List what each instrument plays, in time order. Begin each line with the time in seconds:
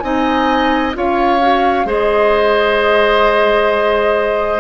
0.00 bassoon C4, clarinet D#4, oboe D#5, flute G#5
0.93 bassoon C#4, clarinet F4, oboe C#5, flute F5
1.40 clarinet F#4
1.85 bassoon G#3, clarinet G#4, oboe C5, flute D#5